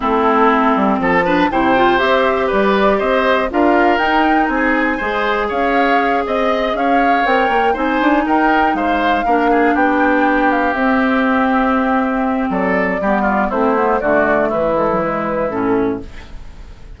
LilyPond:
<<
  \new Staff \with { instrumentName = "flute" } { \time 4/4 \tempo 4 = 120 a'2 a''4 g''4 | e''4 d''4 dis''4 f''4 | g''4 gis''2 f''4~ | f''8 dis''4 f''4 g''4 gis''8~ |
gis''8 g''4 f''2 g''8~ | g''4 f''8 e''2~ e''8~ | e''4 d''2 c''4 | d''4 b'8 a'8 b'4 a'4 | }
  \new Staff \with { instrumentName = "oboe" } { \time 4/4 e'2 a'8 b'8 c''4~ | c''4 b'4 c''4 ais'4~ | ais'4 gis'4 c''4 cis''4~ | cis''8 dis''4 cis''2 c''8~ |
c''8 ais'4 c''4 ais'8 gis'8 g'8~ | g'1~ | g'4 a'4 g'8 f'8 e'4 | fis'4 e'2. | }
  \new Staff \with { instrumentName = "clarinet" } { \time 4/4 c'2~ c'8 d'8 e'8 f'8 | g'2. f'4 | dis'2 gis'2~ | gis'2~ gis'8 ais'4 dis'8~ |
dis'2~ dis'8 d'4.~ | d'4. c'2~ c'8~ | c'2 b4 c'8 b8 | a4. gis16 fis16 gis4 cis'4 | }
  \new Staff \with { instrumentName = "bassoon" } { \time 4/4 a4. g8 f4 c4 | c'4 g4 c'4 d'4 | dis'4 c'4 gis4 cis'4~ | cis'8 c'4 cis'4 c'8 ais8 c'8 |
d'8 dis'4 gis4 ais4 b8~ | b4. c'2~ c'8~ | c'4 fis4 g4 a4 | d4 e2 a,4 | }
>>